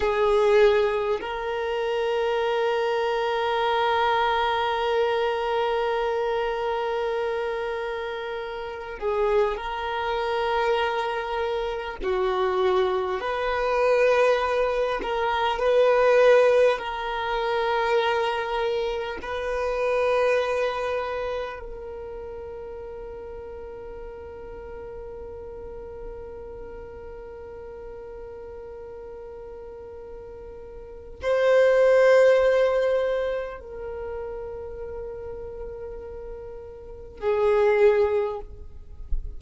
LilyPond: \new Staff \with { instrumentName = "violin" } { \time 4/4 \tempo 4 = 50 gis'4 ais'2.~ | ais'2.~ ais'8 gis'8 | ais'2 fis'4 b'4~ | b'8 ais'8 b'4 ais'2 |
b'2 ais'2~ | ais'1~ | ais'2 c''2 | ais'2. gis'4 | }